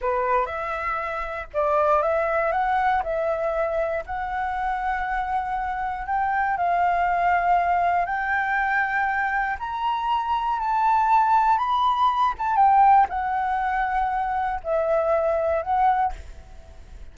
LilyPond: \new Staff \with { instrumentName = "flute" } { \time 4/4 \tempo 4 = 119 b'4 e''2 d''4 | e''4 fis''4 e''2 | fis''1 | g''4 f''2. |
g''2. ais''4~ | ais''4 a''2 b''4~ | b''8 a''8 g''4 fis''2~ | fis''4 e''2 fis''4 | }